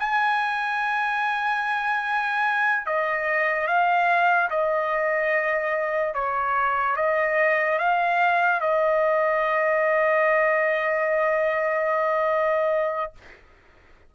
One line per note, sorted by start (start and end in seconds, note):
0.00 2.87 G#5
2.87 3.68 D#5
3.68 4.50 F5
4.51 6.15 D#5
6.15 6.97 C#5
6.97 7.79 D#5
7.79 8.61 F5
8.61 13.13 D#5